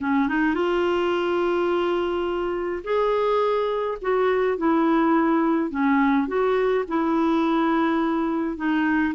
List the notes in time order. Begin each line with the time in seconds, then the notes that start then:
0.00 C#4
0.28 D#4
0.54 F4
2.83 G#4
4.01 F#4
4.57 E4
5.70 C#4
6.27 F#4
6.88 E4
8.56 D#4